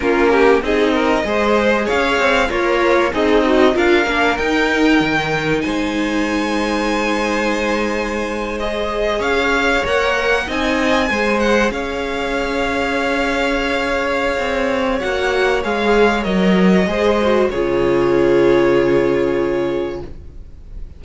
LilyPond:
<<
  \new Staff \with { instrumentName = "violin" } { \time 4/4 \tempo 4 = 96 ais'4 dis''2 f''4 | cis''4 dis''4 f''4 g''4~ | g''4 gis''2.~ | gis''4.~ gis''16 dis''4 f''4 fis''16~ |
fis''8. gis''4. fis''8 f''4~ f''16~ | f''1 | fis''4 f''4 dis''2 | cis''1 | }
  \new Staff \with { instrumentName = "violin" } { \time 4/4 f'8 g'8 gis'8 ais'8 c''4 cis''4 | f'4 dis'4 ais'2~ | ais'4 c''2.~ | c''2~ c''8. cis''4~ cis''16~ |
cis''8. dis''4 c''4 cis''4~ cis''16~ | cis''1~ | cis''2. c''4 | gis'1 | }
  \new Staff \with { instrumentName = "viola" } { \time 4/4 cis'4 dis'4 gis'2 | ais'4 gis'8 fis'8 f'8 d'8 dis'4~ | dis'1~ | dis'4.~ dis'16 gis'2 ais'16~ |
ais'8. dis'4 gis'2~ gis'16~ | gis'1 | fis'4 gis'4 ais'4 gis'8 fis'8 | f'1 | }
  \new Staff \with { instrumentName = "cello" } { \time 4/4 ais4 c'4 gis4 cis'8 c'8 | ais4 c'4 d'8 ais8 dis'4 | dis4 gis2.~ | gis2~ gis8. cis'4 ais16~ |
ais8. c'4 gis4 cis'4~ cis'16~ | cis'2. c'4 | ais4 gis4 fis4 gis4 | cis1 | }
>>